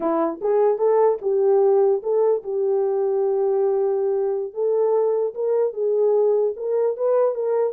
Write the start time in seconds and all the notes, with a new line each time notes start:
0.00 E4
0.41 G#4
0.78 A4
1.21 G4
2.02 A4
2.43 G4
4.53 A4
5.34 A#4
5.73 G#4
6.56 A#4
6.96 B4
7.35 A#4